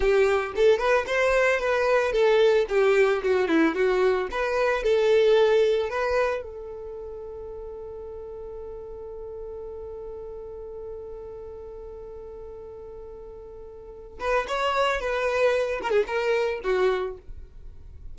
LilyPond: \new Staff \with { instrumentName = "violin" } { \time 4/4 \tempo 4 = 112 g'4 a'8 b'8 c''4 b'4 | a'4 g'4 fis'8 e'8 fis'4 | b'4 a'2 b'4 | a'1~ |
a'1~ | a'1~ | a'2~ a'8 b'8 cis''4 | b'4. ais'16 gis'16 ais'4 fis'4 | }